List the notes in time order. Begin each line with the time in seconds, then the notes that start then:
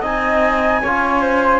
0.00 C4 D#4 D#5 G#5
0.82 C#4 F4 C#5
1.21 C5